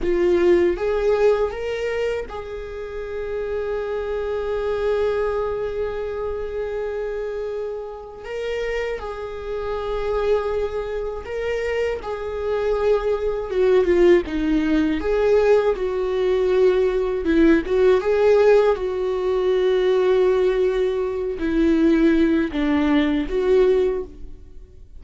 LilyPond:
\new Staff \with { instrumentName = "viola" } { \time 4/4 \tempo 4 = 80 f'4 gis'4 ais'4 gis'4~ | gis'1~ | gis'2. ais'4 | gis'2. ais'4 |
gis'2 fis'8 f'8 dis'4 | gis'4 fis'2 e'8 fis'8 | gis'4 fis'2.~ | fis'8 e'4. d'4 fis'4 | }